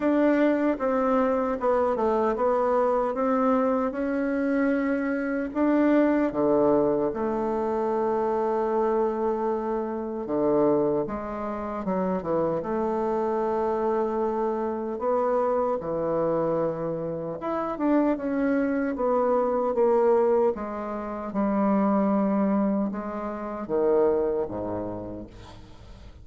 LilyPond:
\new Staff \with { instrumentName = "bassoon" } { \time 4/4 \tempo 4 = 76 d'4 c'4 b8 a8 b4 | c'4 cis'2 d'4 | d4 a2.~ | a4 d4 gis4 fis8 e8 |
a2. b4 | e2 e'8 d'8 cis'4 | b4 ais4 gis4 g4~ | g4 gis4 dis4 gis,4 | }